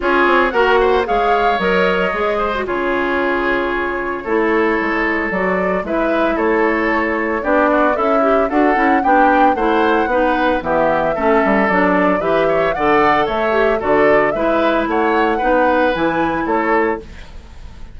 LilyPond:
<<
  \new Staff \with { instrumentName = "flute" } { \time 4/4 \tempo 4 = 113 cis''4 fis''4 f''4 dis''4~ | dis''4 cis''2.~ | cis''2 d''4 e''4 | cis''2 d''4 e''4 |
fis''4 g''4 fis''2 | e''2 d''4 e''4 | fis''4 e''4 d''4 e''4 | fis''2 gis''4 cis''4 | }
  \new Staff \with { instrumentName = "oboe" } { \time 4/4 gis'4 ais'8 c''8 cis''2~ | cis''8 c''8 gis'2. | a'2. b'4 | a'2 g'8 fis'8 e'4 |
a'4 g'4 c''4 b'4 | g'4 a'2 b'8 cis''8 | d''4 cis''4 a'4 b'4 | cis''4 b'2 a'4 | }
  \new Staff \with { instrumentName = "clarinet" } { \time 4/4 f'4 fis'4 gis'4 ais'4 | gis'8. fis'16 f'2. | e'2 fis'4 e'4~ | e'2 d'4 a'8 g'8 |
fis'8 e'8 d'4 e'4 dis'4 | b4 cis'4 d'4 g'4 | a'4. g'8 fis'4 e'4~ | e'4 dis'4 e'2 | }
  \new Staff \with { instrumentName = "bassoon" } { \time 4/4 cis'8 c'8 ais4 gis4 fis4 | gis4 cis2. | a4 gis4 fis4 gis4 | a2 b4 cis'4 |
d'8 cis'8 b4 a4 b4 | e4 a8 g8 fis4 e4 | d4 a4 d4 gis4 | a4 b4 e4 a4 | }
>>